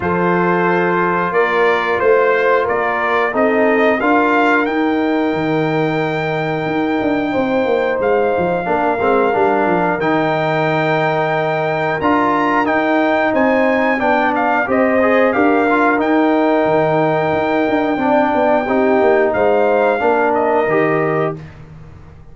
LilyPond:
<<
  \new Staff \with { instrumentName = "trumpet" } { \time 4/4 \tempo 4 = 90 c''2 d''4 c''4 | d''4 dis''4 f''4 g''4~ | g''1 | f''2. g''4~ |
g''2 ais''4 g''4 | gis''4 g''8 f''8 dis''4 f''4 | g''1~ | g''4 f''4. dis''4. | }
  \new Staff \with { instrumentName = "horn" } { \time 4/4 a'2 ais'4 c''4 | ais'4 a'4 ais'2~ | ais'2. c''4~ | c''4 ais'2.~ |
ais'1 | c''4 d''4 c''4 ais'4~ | ais'2. d''4 | g'4 c''4 ais'2 | }
  \new Staff \with { instrumentName = "trombone" } { \time 4/4 f'1~ | f'4 dis'4 f'4 dis'4~ | dis'1~ | dis'4 d'8 c'8 d'4 dis'4~ |
dis'2 f'4 dis'4~ | dis'4 d'4 g'8 gis'8 g'8 f'8 | dis'2. d'4 | dis'2 d'4 g'4 | }
  \new Staff \with { instrumentName = "tuba" } { \time 4/4 f2 ais4 a4 | ais4 c'4 d'4 dis'4 | dis2 dis'8 d'8 c'8 ais8 | gis8 f8 ais8 gis8 g8 f8 dis4~ |
dis2 d'4 dis'4 | c'4 b4 c'4 d'4 | dis'4 dis4 dis'8 d'8 c'8 b8 | c'8 ais8 gis4 ais4 dis4 | }
>>